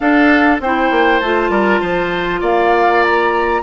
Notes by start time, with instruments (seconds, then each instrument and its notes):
0.00 bassoon D4, clarinet D4, oboe A4, flute F5
0.59 bassoon C4, clarinet E4, oboe C5, flute G5
0.91 bassoon A#3
1.19 bassoon A3, clarinet F4, flute A5
1.49 bassoon G3, oboe A#4
1.80 bassoon F3, oboe C5
2.40 bassoon A#3, oboe D5, flute F5
3.02 flute A#5